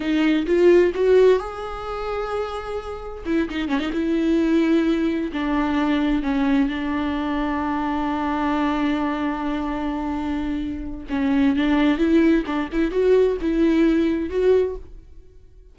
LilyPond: \new Staff \with { instrumentName = "viola" } { \time 4/4 \tempo 4 = 130 dis'4 f'4 fis'4 gis'4~ | gis'2. e'8 dis'8 | cis'16 dis'16 e'2. d'8~ | d'4. cis'4 d'4.~ |
d'1~ | d'1 | cis'4 d'4 e'4 d'8 e'8 | fis'4 e'2 fis'4 | }